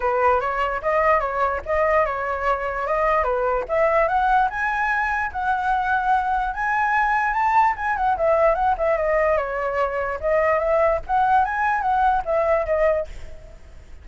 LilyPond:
\new Staff \with { instrumentName = "flute" } { \time 4/4 \tempo 4 = 147 b'4 cis''4 dis''4 cis''4 | dis''4 cis''2 dis''4 | b'4 e''4 fis''4 gis''4~ | gis''4 fis''2. |
gis''2 a''4 gis''8 fis''8 | e''4 fis''8 e''8 dis''4 cis''4~ | cis''4 dis''4 e''4 fis''4 | gis''4 fis''4 e''4 dis''4 | }